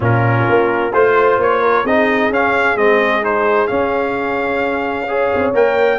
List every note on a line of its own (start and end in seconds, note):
0.00 0.46 A#2
0.00 0.92 C#4
0.00 0.93 F4
0.00 0.93 A#4
0.48 0.93 A#3
0.93 1.37 A3
0.93 1.85 F4
0.93 1.61 C5
0.93 1.39 C5
1.37 1.83 A#3
1.37 1.86 C#5
1.61 1.84 A#4
1.84 2.29 C4
1.84 2.32 D#4
1.84 5.07 G#4
1.84 2.32 D#5
2.29 2.75 C#4
2.29 2.76 C#4
2.29 2.77 F5
2.75 3.68 G#3
2.75 3.22 C4
2.75 3.23 D#5
3.22 3.68 D#4
3.22 3.67 C5
3.67 5.07 C#4
3.67 5.32 C#4
3.67 5.51 F5
5.07 5.53 G#4
5.07 5.99 C#5
5.35 5.54 C4
5.54 5.99 A#3
5.54 5.99 A#4
5.54 5.99 G5